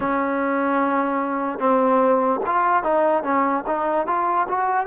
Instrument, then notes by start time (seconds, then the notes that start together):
trombone
0.00 C#4
1.59 C4
2.46 F4
2.83 D#4
3.23 C#4
3.66 D#4
4.07 F4
4.48 F#4